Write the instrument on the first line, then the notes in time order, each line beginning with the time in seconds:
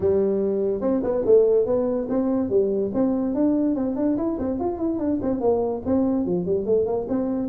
tuba
0.00 G3
0.81 C4
1.03 B3
1.25 A3
1.66 B3
2.09 C4
2.49 G3
2.94 C4
3.34 D4
3.75 C4
3.96 D4
4.17 E4
4.38 C4
4.59 F4
4.77 E4
4.98 D4
5.22 C4
5.40 A#3
5.85 C4
6.25 F3
6.45 G3
6.65 A3
6.86 A#3
7.09 C4